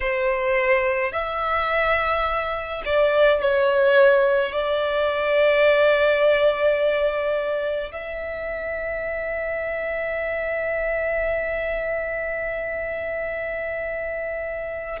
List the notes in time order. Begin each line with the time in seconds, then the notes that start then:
0.00 C5
1.12 E5
2.85 D5
3.41 C#5
4.52 D5
7.91 E5